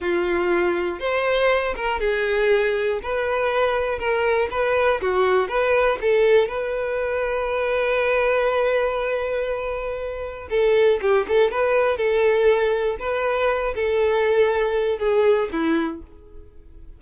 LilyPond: \new Staff \with { instrumentName = "violin" } { \time 4/4 \tempo 4 = 120 f'2 c''4. ais'8 | gis'2 b'2 | ais'4 b'4 fis'4 b'4 | a'4 b'2.~ |
b'1~ | b'4 a'4 g'8 a'8 b'4 | a'2 b'4. a'8~ | a'2 gis'4 e'4 | }